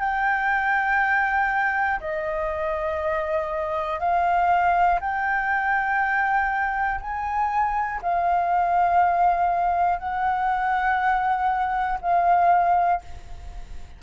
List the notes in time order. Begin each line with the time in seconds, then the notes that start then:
0.00 G5
2.00 D#5
4.00 F5
5.00 G5
7.00 G#5
8.02 F5
9.99 F#5
12.01 F5